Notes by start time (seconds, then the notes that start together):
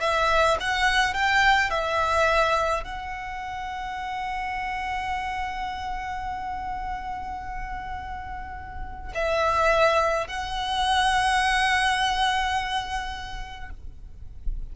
0.00 E5
0.60 F#5
1.13 G5
1.70 E5
2.84 F#5
9.14 E5
10.27 F#5